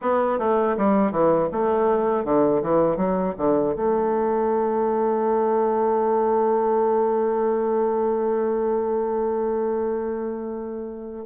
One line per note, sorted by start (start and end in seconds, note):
0.01 0.39 B3
0.39 0.76 A3
0.77 1.11 G3
1.11 1.49 E3
1.52 2.24 A3
2.24 2.61 D3
2.62 2.97 E3
2.97 3.34 F#3
3.38 3.75 D3
3.76 11.25 A3